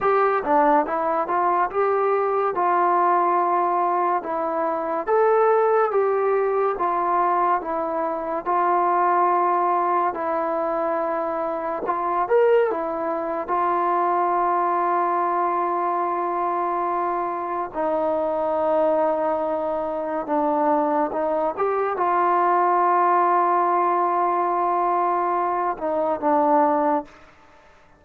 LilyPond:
\new Staff \with { instrumentName = "trombone" } { \time 4/4 \tempo 4 = 71 g'8 d'8 e'8 f'8 g'4 f'4~ | f'4 e'4 a'4 g'4 | f'4 e'4 f'2 | e'2 f'8 ais'8 e'4 |
f'1~ | f'4 dis'2. | d'4 dis'8 g'8 f'2~ | f'2~ f'8 dis'8 d'4 | }